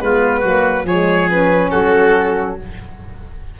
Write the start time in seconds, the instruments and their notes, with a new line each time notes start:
0.00 tuba G#3, saxophone B3, oboe F4, violin B4
0.40 tuba F#3, saxophone A#3, oboe F#4
0.84 tuba F3, saxophone G#3, oboe G#4, violin C#5
1.30 saxophone C#4, violin B4
1.70 tuba F#3, oboe F#4, violin A4